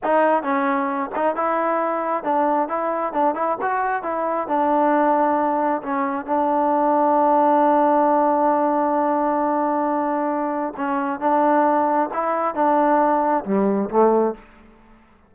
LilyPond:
\new Staff \with { instrumentName = "trombone" } { \time 4/4 \tempo 4 = 134 dis'4 cis'4. dis'8 e'4~ | e'4 d'4 e'4 d'8 e'8 | fis'4 e'4 d'2~ | d'4 cis'4 d'2~ |
d'1~ | d'1 | cis'4 d'2 e'4 | d'2 g4 a4 | }